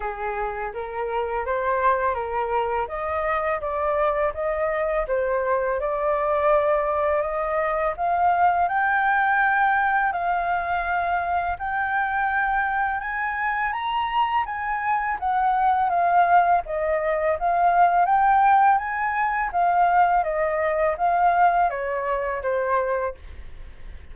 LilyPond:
\new Staff \with { instrumentName = "flute" } { \time 4/4 \tempo 4 = 83 gis'4 ais'4 c''4 ais'4 | dis''4 d''4 dis''4 c''4 | d''2 dis''4 f''4 | g''2 f''2 |
g''2 gis''4 ais''4 | gis''4 fis''4 f''4 dis''4 | f''4 g''4 gis''4 f''4 | dis''4 f''4 cis''4 c''4 | }